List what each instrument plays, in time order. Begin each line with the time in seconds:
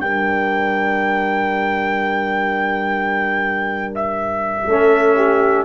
0.00 tuba G3, trombone D4, horn A#4, trumpet G5
3.95 trumpet E5
4.66 tuba A3, trombone C#4, horn A4
5.16 horn G4